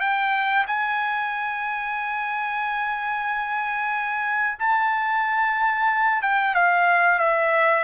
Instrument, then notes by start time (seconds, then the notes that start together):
trumpet
0.00 G5
0.67 G#5
4.59 A5
6.22 G5
6.55 F5
7.19 E5